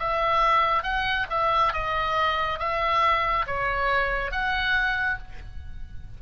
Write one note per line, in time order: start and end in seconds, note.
0.00 0.84 E5
0.84 1.27 F#5
1.30 1.74 E5
1.74 2.60 D#5
2.60 3.47 E5
3.47 4.32 C#5
4.32 5.19 F#5